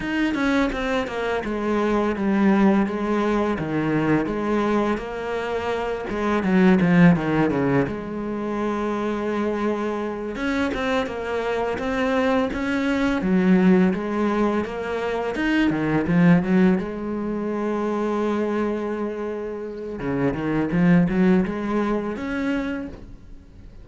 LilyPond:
\new Staff \with { instrumentName = "cello" } { \time 4/4 \tempo 4 = 84 dis'8 cis'8 c'8 ais8 gis4 g4 | gis4 dis4 gis4 ais4~ | ais8 gis8 fis8 f8 dis8 cis8 gis4~ | gis2~ gis8 cis'8 c'8 ais8~ |
ais8 c'4 cis'4 fis4 gis8~ | gis8 ais4 dis'8 dis8 f8 fis8 gis8~ | gis1 | cis8 dis8 f8 fis8 gis4 cis'4 | }